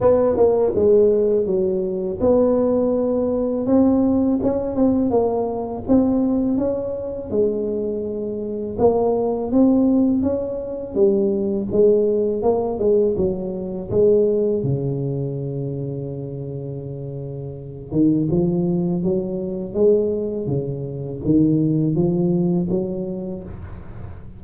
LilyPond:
\new Staff \with { instrumentName = "tuba" } { \time 4/4 \tempo 4 = 82 b8 ais8 gis4 fis4 b4~ | b4 c'4 cis'8 c'8 ais4 | c'4 cis'4 gis2 | ais4 c'4 cis'4 g4 |
gis4 ais8 gis8 fis4 gis4 | cis1~ | cis8 dis8 f4 fis4 gis4 | cis4 dis4 f4 fis4 | }